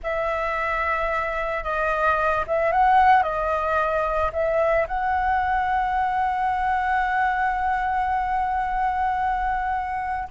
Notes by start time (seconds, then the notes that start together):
0.03 E5
1.63 D#5
2.47 E5
2.71 F#5
3.23 D#5
4.32 E5
4.87 F#5